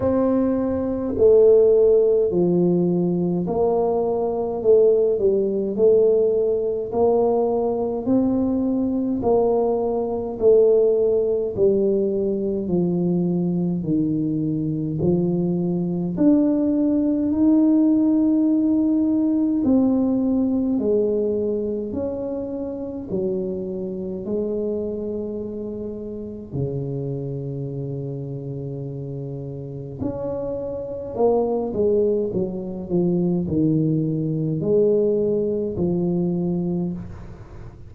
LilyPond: \new Staff \with { instrumentName = "tuba" } { \time 4/4 \tempo 4 = 52 c'4 a4 f4 ais4 | a8 g8 a4 ais4 c'4 | ais4 a4 g4 f4 | dis4 f4 d'4 dis'4~ |
dis'4 c'4 gis4 cis'4 | fis4 gis2 cis4~ | cis2 cis'4 ais8 gis8 | fis8 f8 dis4 gis4 f4 | }